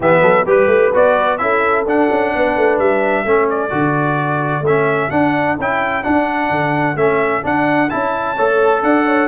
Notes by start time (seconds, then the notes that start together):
0.00 E3 B3 G4 E5
0.21 F#3 A4
0.43 G3 G4 B4
0.67 A3
0.93 B3 F#4 D5
1.37 C#4 E4 A4 E5
1.85 D4 F#5
2.10 C#4
2.34 B3 B4
2.56 A3
2.78 G3 E5
3.25 A3 C#4 A4
3.49 D5
3.70 D3 F#4
4.61 A3 E5
4.68 C#4
5.10 D4 F#5
5.58 C#4 E4 G5
6.03 D4 F#5
6.50 D3
6.95 A3 C#4 E5
7.42 D4 F#5
7.89 C#4 E4 A5
8.34 A3 A4 C#5
8.82 D4 D5 F#5
9.06 C#5